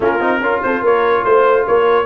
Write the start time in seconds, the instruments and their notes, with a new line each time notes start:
0.00 tuba A#3, trombone C#4, horn F4, trumpet A#4
0.20 tuba C4, trombone D#4
0.40 tuba C#4, trombone F4, horn A#4
0.62 tuba C4, horn A4, trumpet C5
0.82 tuba A#3, horn A#4, trumpet C#5
1.24 tuba A3, trumpet C5, horn C5
1.66 tuba A#3, horn A#4, trumpet C#5